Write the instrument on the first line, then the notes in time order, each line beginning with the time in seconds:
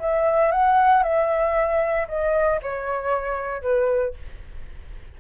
flute
0.00 E5
0.52 F#5
1.04 E5
2.09 D#5
2.63 C#5
3.62 B4